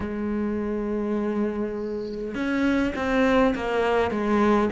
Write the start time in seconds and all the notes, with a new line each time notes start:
0.00 G#3
2.35 C#4
2.95 C4
3.55 A#3
4.11 G#3